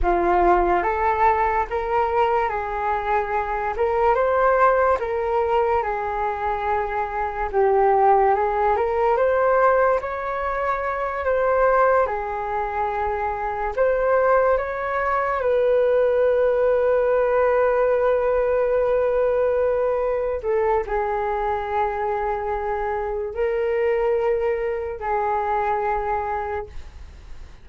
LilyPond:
\new Staff \with { instrumentName = "flute" } { \time 4/4 \tempo 4 = 72 f'4 a'4 ais'4 gis'4~ | gis'8 ais'8 c''4 ais'4 gis'4~ | gis'4 g'4 gis'8 ais'8 c''4 | cis''4. c''4 gis'4.~ |
gis'8 c''4 cis''4 b'4.~ | b'1~ | b'8 a'8 gis'2. | ais'2 gis'2 | }